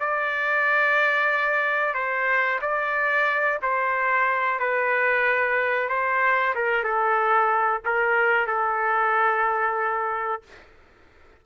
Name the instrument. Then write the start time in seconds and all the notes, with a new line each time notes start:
trumpet
0.00 D5
1.94 C5
2.62 D5
3.63 C5
4.60 B4
5.89 C5
6.55 A#4
6.84 A4
7.86 A#4
8.47 A4